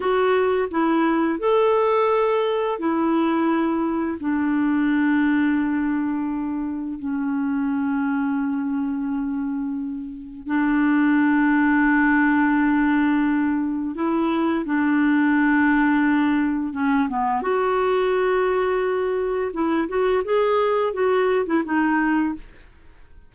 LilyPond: \new Staff \with { instrumentName = "clarinet" } { \time 4/4 \tempo 4 = 86 fis'4 e'4 a'2 | e'2 d'2~ | d'2 cis'2~ | cis'2. d'4~ |
d'1 | e'4 d'2. | cis'8 b8 fis'2. | e'8 fis'8 gis'4 fis'8. e'16 dis'4 | }